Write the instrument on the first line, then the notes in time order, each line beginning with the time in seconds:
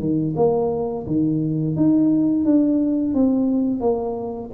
tuba
0.00 D#3
0.36 A#3
1.07 D#3
1.76 D#4
2.45 D4
3.15 C4
3.81 A#3